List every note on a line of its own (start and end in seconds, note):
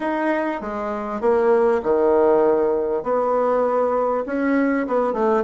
0.00 0.61 D#4
0.61 1.20 G#3
1.20 1.81 A#3
1.83 3.03 D#3
3.03 4.24 B3
4.26 4.87 C#4
4.87 5.13 B3
5.13 5.43 A3